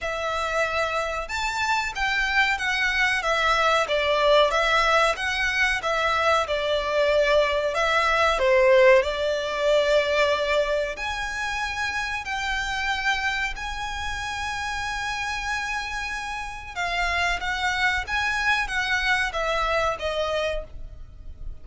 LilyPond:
\new Staff \with { instrumentName = "violin" } { \time 4/4 \tempo 4 = 93 e''2 a''4 g''4 | fis''4 e''4 d''4 e''4 | fis''4 e''4 d''2 | e''4 c''4 d''2~ |
d''4 gis''2 g''4~ | g''4 gis''2.~ | gis''2 f''4 fis''4 | gis''4 fis''4 e''4 dis''4 | }